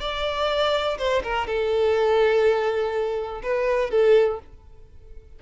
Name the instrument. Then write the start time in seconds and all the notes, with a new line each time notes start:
violin
0.00 D5
0.98 C5
1.23 A#4
1.47 A4
3.43 B4
3.91 A4